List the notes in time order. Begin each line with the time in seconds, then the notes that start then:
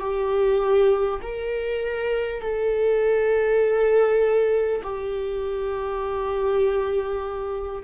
0.00 G4
1.22 A#4
2.42 A4
4.83 G4